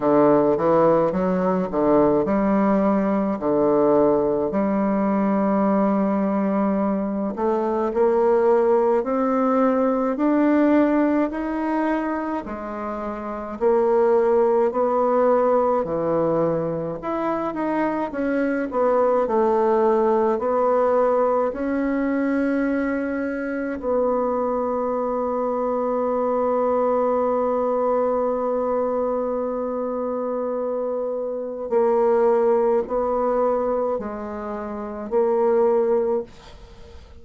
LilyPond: \new Staff \with { instrumentName = "bassoon" } { \time 4/4 \tempo 4 = 53 d8 e8 fis8 d8 g4 d4 | g2~ g8 a8 ais4 | c'4 d'4 dis'4 gis4 | ais4 b4 e4 e'8 dis'8 |
cis'8 b8 a4 b4 cis'4~ | cis'4 b2.~ | b1 | ais4 b4 gis4 ais4 | }